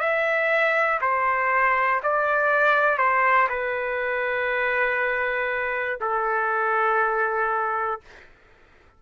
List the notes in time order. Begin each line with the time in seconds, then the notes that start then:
0.00 E5
1.02 C5
2.03 D5
2.98 C5
3.49 B4
6.01 A4